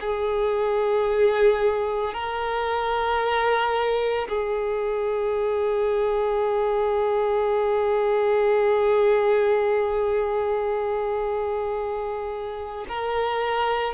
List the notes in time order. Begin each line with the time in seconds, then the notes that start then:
0.00 G#4
2.13 A#4
4.28 G#4
12.88 A#4